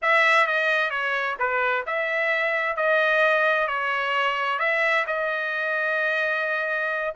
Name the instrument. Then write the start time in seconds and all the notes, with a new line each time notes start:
trumpet
0.02 E5
0.46 D#5
0.90 C#5
1.39 B4
1.86 E5
2.76 D#5
3.67 C#5
4.59 E5
5.06 D#5